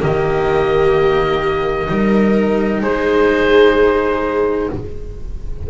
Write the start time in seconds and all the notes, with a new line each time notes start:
0.00 D#3 A#3 G4 D#5
1.88 G3 D#4 A#4
2.81 G#3 G#4 C5